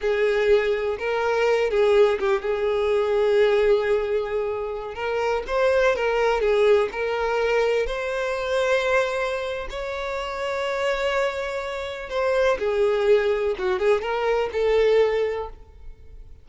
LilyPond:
\new Staff \with { instrumentName = "violin" } { \time 4/4 \tempo 4 = 124 gis'2 ais'4. gis'8~ | gis'8 g'8 gis'2.~ | gis'2~ gis'16 ais'4 c''8.~ | c''16 ais'4 gis'4 ais'4.~ ais'16~ |
ais'16 c''2.~ c''8. | cis''1~ | cis''4 c''4 gis'2 | fis'8 gis'8 ais'4 a'2 | }